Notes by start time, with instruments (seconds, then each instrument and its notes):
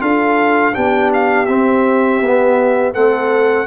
0.00 tuba D4, trombone F4, horn A4, trumpet F5
0.74 tuba B3, trombone D4, horn G4, trumpet G5
1.14 trumpet F5
1.46 tuba C4, trombone C4, trumpet E5
2.21 tuba B3, trombone B3
2.94 tuba A3, trombone C4, horn A4, trumpet F#5